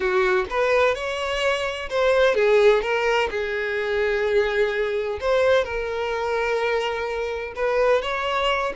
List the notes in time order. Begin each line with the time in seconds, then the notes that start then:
0.00 F#4
0.50 B4
0.94 C#5
1.89 C5
2.35 G#4
2.82 A#4
3.30 G#4
5.20 C5
5.64 A#4
7.55 B4
8.02 C#5